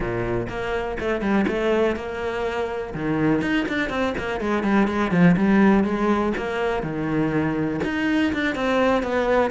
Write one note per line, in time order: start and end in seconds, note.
0.00 0.47 A#2
0.48 0.97 A#3
0.99 1.21 A3
1.21 1.45 G3
1.47 1.96 A3
1.96 2.93 A#3
2.94 3.41 D#3
3.41 3.66 D#4
3.68 3.89 D4
3.89 4.14 C4
4.18 4.40 A#3
4.40 4.63 G#3
4.63 4.87 G3
4.87 5.11 G#3
5.11 5.35 F3
5.36 5.83 G3
5.83 6.32 G#3
6.37 6.82 A#3
6.82 7.80 D#3
7.83 8.32 D#4
8.33 8.55 D4
8.55 9.02 C4
9.02 9.50 B3